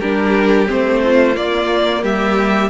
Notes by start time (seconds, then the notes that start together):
0.00 G3 D4 G4 A#4
0.67 A3 C4 C5
1.04 F4
1.35 A#3 D5
2.03 G3 G4 E5